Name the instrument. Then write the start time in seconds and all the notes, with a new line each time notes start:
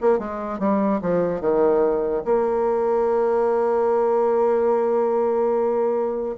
bassoon
0.00 A#3
0.18 G#3
0.59 G3
1.01 F3
1.40 D#3
2.25 A#3